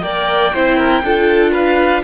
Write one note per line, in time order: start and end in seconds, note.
0.00 0.53 A#3
0.00 0.52 A#4
0.00 0.53 D5
0.00 1.50 G5
0.53 1.02 C4
0.53 1.04 E4
0.53 0.77 C5
0.77 1.02 A#4
1.02 2.02 D4
1.02 2.03 F4
1.02 1.52 A4
1.52 2.02 B4
1.52 2.03 F5